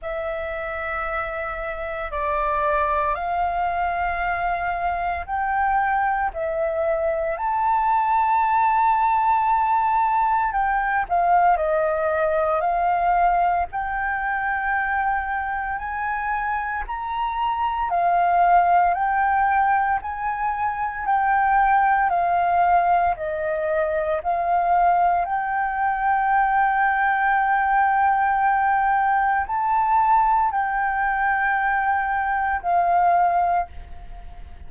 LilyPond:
\new Staff \with { instrumentName = "flute" } { \time 4/4 \tempo 4 = 57 e''2 d''4 f''4~ | f''4 g''4 e''4 a''4~ | a''2 g''8 f''8 dis''4 | f''4 g''2 gis''4 |
ais''4 f''4 g''4 gis''4 | g''4 f''4 dis''4 f''4 | g''1 | a''4 g''2 f''4 | }